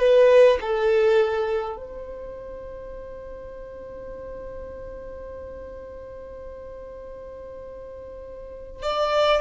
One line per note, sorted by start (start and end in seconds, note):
0.00 0.59 B4
0.61 1.77 A4
1.77 8.83 C5
8.83 9.42 D5